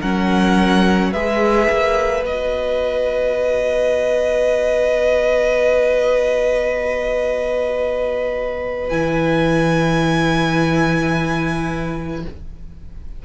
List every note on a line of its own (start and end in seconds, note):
0.00 1.14 F#3
0.00 1.14 C#4
0.00 1.11 A#4
0.00 1.13 F#5
1.12 1.69 G#3
1.12 2.25 G#4
1.12 12.23 B4
1.12 2.24 E5
1.70 2.24 A#3
2.24 8.91 B3
2.24 8.91 F#4
2.24 8.89 D#5
8.89 12.25 E3
8.89 12.24 E4
8.89 12.22 G#5